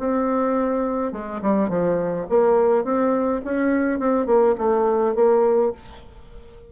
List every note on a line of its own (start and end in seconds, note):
0.00 1.13 C4
1.13 1.41 G#3
1.42 1.70 G3
1.70 2.27 F3
2.30 2.84 A#3
2.84 3.42 C4
3.45 4.00 C#4
4.00 4.27 C4
4.27 4.55 A#3
4.58 5.15 A3
5.16 5.73 A#3